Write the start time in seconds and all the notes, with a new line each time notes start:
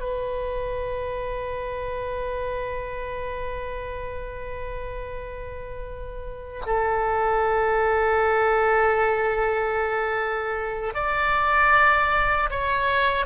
0.00 B4
6.66 A4
10.94 D5
12.50 C#5